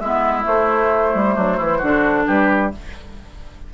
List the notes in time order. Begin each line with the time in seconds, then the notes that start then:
0.00 G#3 B3 E4 E5
0.44 A3 C5
1.15 G3
1.34 F#3 D4
1.57 E3 E4
1.78 D3 D4 F#4
2.27 G3 G4 B4